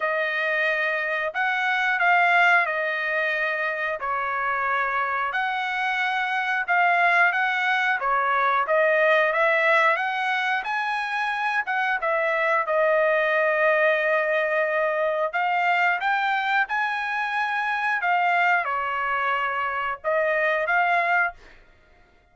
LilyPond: \new Staff \with { instrumentName = "trumpet" } { \time 4/4 \tempo 4 = 90 dis''2 fis''4 f''4 | dis''2 cis''2 | fis''2 f''4 fis''4 | cis''4 dis''4 e''4 fis''4 |
gis''4. fis''8 e''4 dis''4~ | dis''2. f''4 | g''4 gis''2 f''4 | cis''2 dis''4 f''4 | }